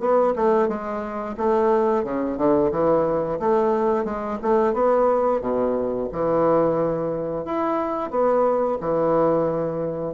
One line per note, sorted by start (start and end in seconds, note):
0.00 0.34 B3
0.36 0.68 A3
0.68 1.36 G#3
1.38 2.04 A3
2.04 2.37 C#3
2.37 2.71 D3
2.72 3.39 E3
3.40 4.05 A3
4.05 4.39 G#3
4.42 4.74 A3
4.74 5.41 B3
5.41 6.09 B2
6.13 7.45 E3
7.45 8.11 E4
8.11 8.78 B3
8.81 10.14 E3